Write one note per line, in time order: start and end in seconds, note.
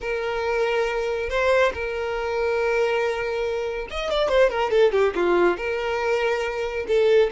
0.01 1.29 A#4
1.29 1.72 C5
1.73 3.87 A#4
3.90 4.10 D#5
4.10 4.28 D5
4.28 4.50 C5
4.50 4.70 A#4
4.70 4.92 A4
4.92 5.13 G4
5.15 5.57 F4
5.57 6.86 A#4
6.87 7.30 A4